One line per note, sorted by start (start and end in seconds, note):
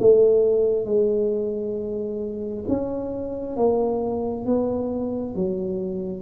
0.00 0.85 A3
0.85 2.65 G#3
2.68 3.57 C#4
3.57 4.46 A#3
4.46 5.35 B3
5.36 6.22 F#3